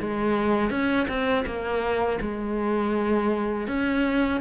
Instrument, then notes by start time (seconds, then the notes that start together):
cello
0.00 G#3
0.71 C#4
1.08 C4
1.46 A#3
2.21 G#3
3.68 C#4